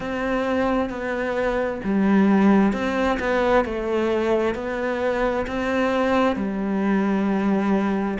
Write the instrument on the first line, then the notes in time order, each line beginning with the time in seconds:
cello
0.00 C4
0.89 B3
1.84 G3
2.73 C4
3.19 B3
3.64 A3
4.55 B3
5.46 C4
6.36 G3